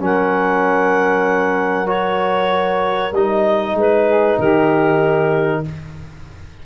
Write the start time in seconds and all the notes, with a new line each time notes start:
0.00 F#3 C#4 A#4 F#5
1.87 F#4 C#5
3.13 G3 D#4 D#5
3.74 G#3 B4
4.08 G#4
4.39 D#3 G4 A#4